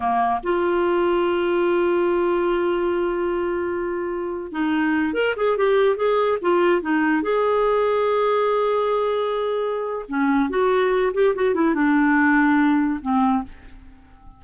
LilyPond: \new Staff \with { instrumentName = "clarinet" } { \time 4/4 \tempo 4 = 143 ais4 f'2.~ | f'1~ | f'2~ f'8. dis'4~ dis'16~ | dis'16 ais'8 gis'8 g'4 gis'4 f'8.~ |
f'16 dis'4 gis'2~ gis'8.~ | gis'1 | cis'4 fis'4. g'8 fis'8 e'8 | d'2. c'4 | }